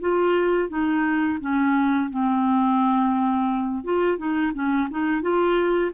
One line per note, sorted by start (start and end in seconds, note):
0.00 0.68 F4
0.68 1.38 D#4
1.40 2.10 C#4
2.10 3.84 C4
3.84 4.17 F4
4.17 4.52 D#4
4.53 4.88 C#4
4.90 5.21 D#4
5.21 5.91 F4